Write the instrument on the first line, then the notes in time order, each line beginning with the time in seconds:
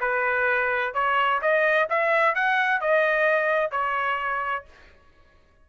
trumpet
0.00 B4
0.94 C#5
1.41 D#5
1.89 E5
2.35 F#5
2.81 D#5
3.71 C#5